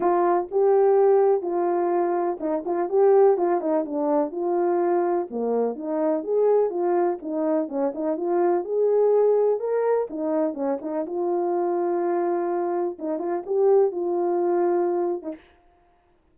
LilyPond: \new Staff \with { instrumentName = "horn" } { \time 4/4 \tempo 4 = 125 f'4 g'2 f'4~ | f'4 dis'8 f'8 g'4 f'8 dis'8 | d'4 f'2 ais4 | dis'4 gis'4 f'4 dis'4 |
cis'8 dis'8 f'4 gis'2 | ais'4 dis'4 cis'8 dis'8 f'4~ | f'2. dis'8 f'8 | g'4 f'2~ f'8. dis'16 | }